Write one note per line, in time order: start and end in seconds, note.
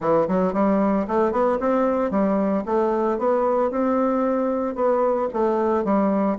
0.00 0.27 E3
0.28 0.53 F#3
0.53 1.06 G3
1.07 1.32 A3
1.32 1.58 B3
1.60 2.10 C4
2.10 2.63 G3
2.65 3.18 A3
3.18 3.70 B3
3.70 4.75 C4
4.75 5.28 B3
5.33 5.84 A3
5.84 6.37 G3